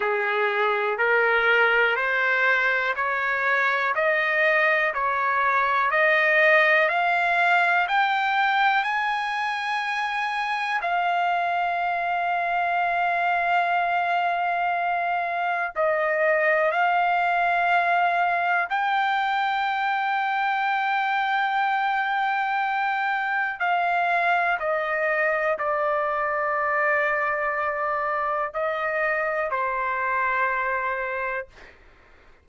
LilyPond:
\new Staff \with { instrumentName = "trumpet" } { \time 4/4 \tempo 4 = 61 gis'4 ais'4 c''4 cis''4 | dis''4 cis''4 dis''4 f''4 | g''4 gis''2 f''4~ | f''1 |
dis''4 f''2 g''4~ | g''1 | f''4 dis''4 d''2~ | d''4 dis''4 c''2 | }